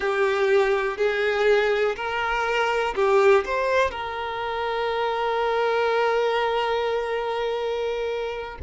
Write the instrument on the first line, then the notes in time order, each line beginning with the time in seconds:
violin
0.00 G4
0.97 G#4
1.95 A#4
2.95 G4
3.45 C5
3.91 A#4